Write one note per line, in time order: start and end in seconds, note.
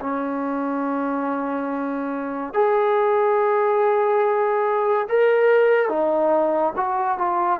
0.00 2.53 C#4
2.53 5.07 G#4
5.09 5.88 A#4
5.88 6.73 D#4
6.76 7.18 F#4
7.18 7.59 F4